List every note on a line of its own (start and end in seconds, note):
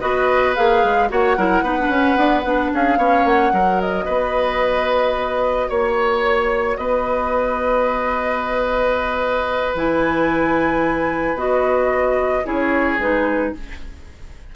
0.00 0.56 B3
0.00 0.55 F#4
0.00 1.09 B4
0.00 0.54 D#5
0.55 0.83 A#3
0.55 1.09 G#4
0.55 1.09 F5
0.83 1.10 G#3
1.09 1.37 A#3
1.09 1.36 F#4
1.09 1.37 C#5
1.09 2.73 F#5
1.37 1.62 F#3
1.37 1.64 E4
1.37 1.63 A#4
1.62 1.88 B3
1.62 1.78 D#4
1.62 2.71 B4
1.79 1.91 D4
1.88 2.15 C#4
1.88 2.17 C#4
2.17 2.44 B3
2.17 2.44 D4
2.44 2.71 B3
2.44 2.99 D4
2.73 2.97 C#4
2.73 2.98 G#4
2.73 3.26 F5
2.97 3.24 B3
2.97 3.53 C#4
2.97 3.52 C#5
3.24 3.51 A#3
3.24 3.80 F#5
3.52 4.06 F#3
3.52 9.75 F#4
3.52 4.05 A#4
3.80 5.69 D#5
4.05 5.69 B3
4.05 5.67 B4
5.69 6.77 A#3
5.69 6.77 C#5
6.77 9.74 B3
6.77 12.45 B4
6.77 9.74 D#5
9.74 11.34 E3
9.74 11.37 E4
9.74 11.37 G#5
11.34 12.43 B3
11.34 12.44 F#4
11.34 12.46 D#5
12.44 12.98 C#4
12.44 12.98 E4
12.44 13.53 G#4
12.44 13.00 C#5
12.98 13.52 G#3
12.98 13.55 D#4
12.98 13.54 B4